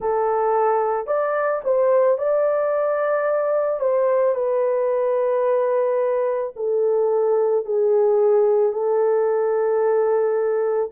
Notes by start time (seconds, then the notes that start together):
0.00 A4
1.07 D5
1.64 C5
2.18 D5
3.80 C5
4.34 B4
6.56 A4
7.65 G#4
8.72 A4